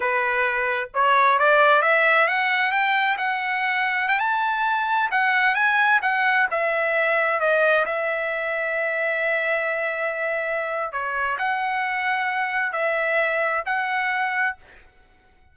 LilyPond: \new Staff \with { instrumentName = "trumpet" } { \time 4/4 \tempo 4 = 132 b'2 cis''4 d''4 | e''4 fis''4 g''4 fis''4~ | fis''4 g''16 a''2 fis''8.~ | fis''16 gis''4 fis''4 e''4.~ e''16~ |
e''16 dis''4 e''2~ e''8.~ | e''1 | cis''4 fis''2. | e''2 fis''2 | }